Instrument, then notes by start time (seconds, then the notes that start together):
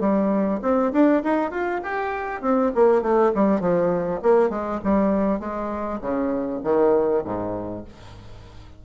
bassoon
0.00 G3
0.62 C4
0.92 D4
1.23 D#4
1.51 F4
1.83 G4
2.41 C4
2.75 A#3
3.02 A3
3.34 G3
3.60 F3
4.22 A#3
4.49 G#3
4.84 G3
5.39 G#3
6.01 C#3
6.63 D#3
7.24 G#2